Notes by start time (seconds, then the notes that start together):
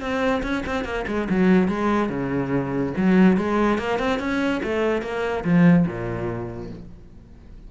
0.00 C4
0.42 C#4
0.66 C4
0.84 A#3
1.07 G#3
1.29 F#3
1.68 G#3
2.09 C#3
2.97 F#3
3.37 G#3
3.78 A#3
3.99 C4
4.19 C#4
4.63 A3
5.02 A#3
5.44 F3
5.86 A#2